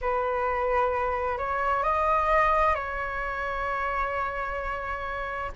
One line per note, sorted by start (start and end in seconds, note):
0.01 1.38 B4
1.38 1.83 C#5
1.83 2.74 D#5
2.74 5.51 C#5